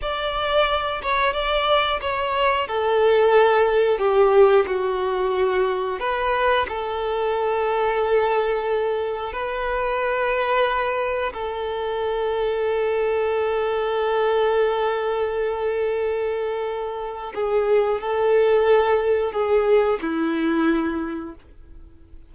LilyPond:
\new Staff \with { instrumentName = "violin" } { \time 4/4 \tempo 4 = 90 d''4. cis''8 d''4 cis''4 | a'2 g'4 fis'4~ | fis'4 b'4 a'2~ | a'2 b'2~ |
b'4 a'2.~ | a'1~ | a'2 gis'4 a'4~ | a'4 gis'4 e'2 | }